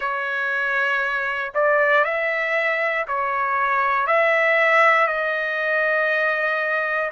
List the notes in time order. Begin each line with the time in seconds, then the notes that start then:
0.00 C#5
1.54 D5
2.04 E5
3.07 C#5
4.07 E5
5.07 D#5